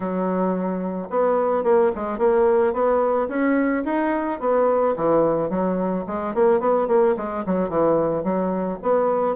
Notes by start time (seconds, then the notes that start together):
0.00 F#3
1.09 B3
1.63 A#3
1.95 G#3
2.18 A#3
2.73 B3
3.28 C#4
3.85 D#4
4.40 B3
4.96 E3
5.49 F#3
6.06 G#3
6.34 A#3
6.60 B3
6.87 A#3
7.16 G#3
7.46 F#3
7.69 E3
8.23 F#3
8.82 B3